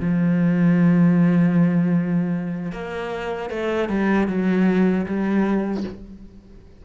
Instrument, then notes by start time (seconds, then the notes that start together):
cello
0.00 F3
2.72 A#3
3.50 A3
3.89 G3
4.28 F#3
5.06 G3